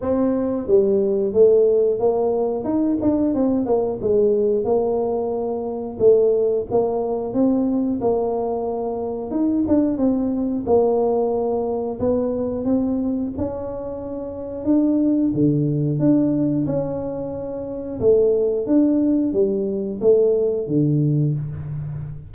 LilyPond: \new Staff \with { instrumentName = "tuba" } { \time 4/4 \tempo 4 = 90 c'4 g4 a4 ais4 | dis'8 d'8 c'8 ais8 gis4 ais4~ | ais4 a4 ais4 c'4 | ais2 dis'8 d'8 c'4 |
ais2 b4 c'4 | cis'2 d'4 d4 | d'4 cis'2 a4 | d'4 g4 a4 d4 | }